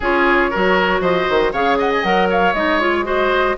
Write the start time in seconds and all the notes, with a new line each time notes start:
0.00 C#4 F4 G#4 C#5
0.50 F#3 F#4 A#4
1.01 F3 C5 D#5
1.29 D#3
1.52 C#3 G#4 C#5 F5
1.78 D#5 F#5
1.93 G#5
2.03 F#3 A#4 F#5
2.29 C#5 F5
2.53 G#3 D#4 D#5
2.79 F4 C#5
3.04 F#4 C5 D#5